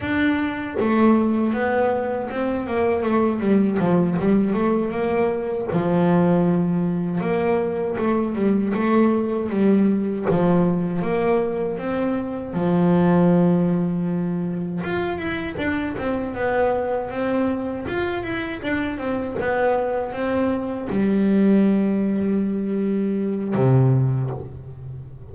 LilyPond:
\new Staff \with { instrumentName = "double bass" } { \time 4/4 \tempo 4 = 79 d'4 a4 b4 c'8 ais8 | a8 g8 f8 g8 a8 ais4 f8~ | f4. ais4 a8 g8 a8~ | a8 g4 f4 ais4 c'8~ |
c'8 f2. f'8 | e'8 d'8 c'8 b4 c'4 f'8 | e'8 d'8 c'8 b4 c'4 g8~ | g2. c4 | }